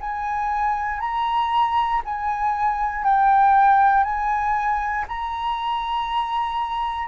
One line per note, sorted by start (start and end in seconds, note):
0.00 1.00 G#5
1.00 2.02 A#5
2.04 3.04 G#5
3.04 4.03 G5
4.03 5.05 G#5
5.08 7.07 A#5